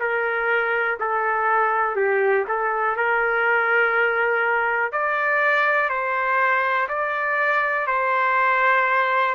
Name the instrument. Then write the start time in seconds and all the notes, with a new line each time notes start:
trumpet
0.00 A#4
1.00 A4
1.96 G4
2.49 A4
2.96 A#4
4.92 D5
5.89 C5
6.89 D5
7.87 C5